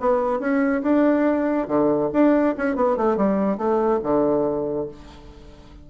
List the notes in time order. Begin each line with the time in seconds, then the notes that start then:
0.00 B3
0.40 C#4
0.83 D4
1.68 D3
2.13 D4
2.58 C#4
2.76 B3
2.97 A3
3.17 G3
3.57 A3
4.03 D3